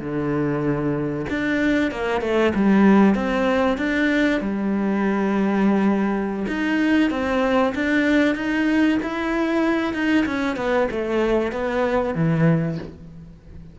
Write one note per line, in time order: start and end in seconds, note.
0.00 1.26 D3
1.29 1.91 D4
1.91 2.21 A#3
2.21 2.53 A3
2.55 3.15 G3
3.15 3.78 C4
3.78 4.41 D4
4.41 6.46 G3
6.48 7.11 D#4
7.11 7.74 C4
7.75 8.35 D4
8.35 8.99 D#4
9.03 9.94 E4
9.94 10.25 D#4
10.26 10.56 C#4
10.56 10.88 B3
10.91 11.52 A3
11.52 12.15 B3
12.15 12.78 E3